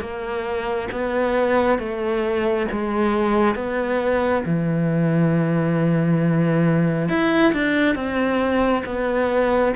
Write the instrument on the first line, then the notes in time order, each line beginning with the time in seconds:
cello
0.00 A#3
0.91 B3
1.78 A3
2.72 G#3
3.55 B3
4.45 E3
7.09 E4
7.53 D4
7.95 C4
8.86 B3